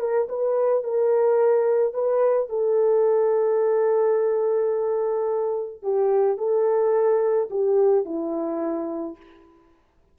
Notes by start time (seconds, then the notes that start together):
0.00 A#4
0.29 B4
0.84 A#4
1.94 B4
2.49 A4
5.82 G4
6.38 A4
7.51 G4
8.05 E4